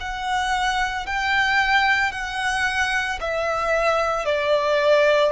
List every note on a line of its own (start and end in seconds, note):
0.00 1.06 F#5
1.06 2.12 G5
2.12 3.19 F#5
3.20 4.26 E5
4.26 5.32 D5